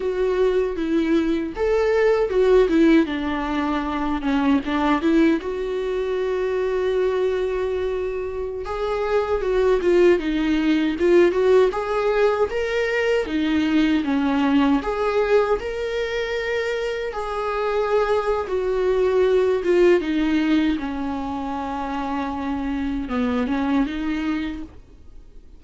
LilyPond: \new Staff \with { instrumentName = "viola" } { \time 4/4 \tempo 4 = 78 fis'4 e'4 a'4 fis'8 e'8 | d'4. cis'8 d'8 e'8 fis'4~ | fis'2.~ fis'16 gis'8.~ | gis'16 fis'8 f'8 dis'4 f'8 fis'8 gis'8.~ |
gis'16 ais'4 dis'4 cis'4 gis'8.~ | gis'16 ais'2 gis'4.~ gis'16 | fis'4. f'8 dis'4 cis'4~ | cis'2 b8 cis'8 dis'4 | }